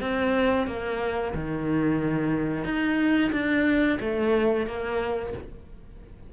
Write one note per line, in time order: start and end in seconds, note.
0.00 0.67 C4
0.67 1.34 A#3
1.34 2.64 D#3
2.64 3.31 D#4
3.32 3.98 D4
4.00 4.66 A3
4.66 5.33 A#3